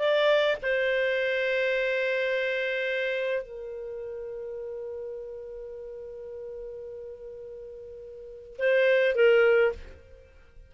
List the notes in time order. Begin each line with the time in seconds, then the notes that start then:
0.00 D5
0.63 C5
3.43 A#4
8.59 C5
9.16 A#4